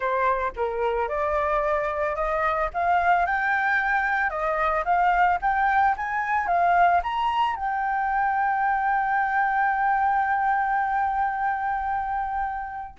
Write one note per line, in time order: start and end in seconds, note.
0.00 0.52 C5
0.56 1.08 A#4
1.08 2.15 D5
2.15 2.69 D#5
2.73 3.26 F5
3.26 4.30 G5
4.30 4.84 D#5
4.84 5.38 F5
5.41 5.95 G5
5.97 6.47 G#5
6.47 7.01 F5
7.03 7.56 A#5
7.56 12.96 G5